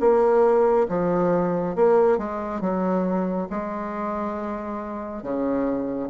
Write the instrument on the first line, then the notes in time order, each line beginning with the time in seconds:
bassoon
0.00 A#3
0.89 F3
1.76 A#3
2.18 G#3
2.61 F#3
3.50 G#3
5.23 C#3